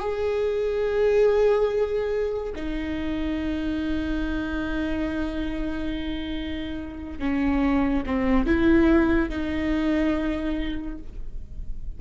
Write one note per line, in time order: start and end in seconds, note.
0.00 2.54 G#4
2.56 7.19 D#4
7.19 8.04 C#4
8.06 8.47 C4
8.47 9.30 E4
9.30 10.99 D#4